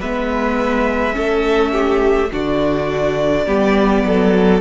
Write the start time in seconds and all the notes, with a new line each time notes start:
0.00 G#3 B3 B4 E5
1.12 A3 C#4 A4
1.72 G4
2.32 D3 D4 F#4 D5
3.46 G3 B3 G4
4.04 F#3 A4